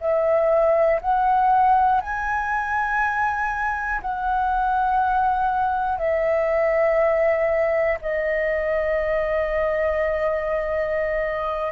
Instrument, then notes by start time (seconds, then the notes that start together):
flute
0.00 E5
1.00 F#5
2.00 G#5
4.01 F#5
5.98 E5
8.01 D#5